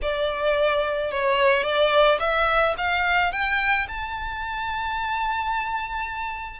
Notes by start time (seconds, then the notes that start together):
0.02 D5
1.11 C#5
1.63 D5
2.19 E5
2.77 F5
3.32 G5
3.88 A5